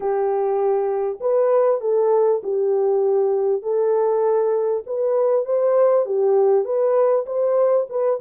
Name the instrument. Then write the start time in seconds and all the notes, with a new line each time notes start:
horn
0.00 G4
1.20 B4
1.80 A4
2.43 G4
3.62 A4
4.86 B4
5.45 C5
6.05 G4
6.64 B4
7.26 C5
7.90 B4